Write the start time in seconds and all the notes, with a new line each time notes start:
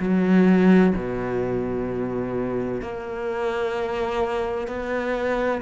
0.00 F#3
0.96 B2
2.82 A#3
4.67 B3